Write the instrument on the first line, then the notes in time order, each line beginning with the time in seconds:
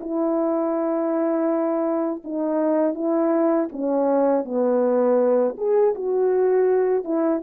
horn
0.00 E4
2.24 D#4
2.94 E4
3.72 C#4
4.44 B3
5.57 G#4
5.95 F#4
7.04 E4